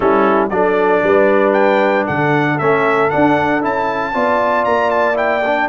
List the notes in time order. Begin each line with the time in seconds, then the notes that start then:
0.00 G3 C#4 E4 A4
0.50 F#3 D4 A4 D5
1.02 G3 B4
1.53 G5
2.05 D3 A4 F#5
2.58 A3 C#4 E5
3.10 D4 F#5
3.61 C#4 E4 A5
4.13 B3 F4 D5
4.64 A#3 A#5
4.90 A5
5.14 E4 G5
5.45 D4